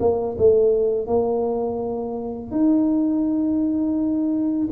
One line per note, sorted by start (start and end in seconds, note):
0.00 0.36 A#3
0.38 1.07 A3
1.07 2.51 A#3
2.51 4.68 D#4